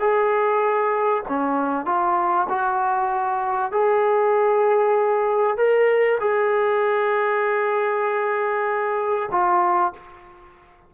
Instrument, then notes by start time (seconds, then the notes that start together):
trombone
0.00 G#4
1.29 C#4
1.86 F4
2.49 F#4
3.72 G#4
5.57 A#4
6.20 G#4
9.31 F4